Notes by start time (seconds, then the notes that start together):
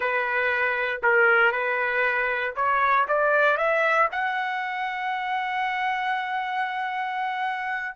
0.00 B4
1.02 A#4
1.52 B4
2.55 C#5
3.08 D5
3.57 E5
4.11 F#5